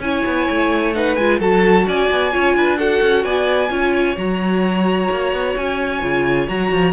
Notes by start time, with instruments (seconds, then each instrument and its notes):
0.00 cello C#4, viola E4, violin C#5 G#5
0.26 cello B3
0.50 cello A3
0.95 viola D#4, violin B4 F#5
1.16 cello G#3, viola F4, violin G#5
1.40 cello F#3, viola F#4, violin A4 A5
1.87 cello C#4, violin D5 G#5
2.11 cello B3
2.32 cello C#4, viola F4, violin C#5
2.55 cello D4, violin B4
2.77 viola F#4, violin A4 F#5
3.02 cello C#4
3.25 cello B3, violin D5 G#5
3.70 cello C#4, viola F4, violin C#5
4.17 cello F#3, viola F#4, violin A#5
5.10 cello A#3
5.33 cello B3
5.57 cello C#4, violin G#5
6.02 cello C#3, viola F4
6.48 cello F#3, viola F#4, violin A#5
6.72 cello F3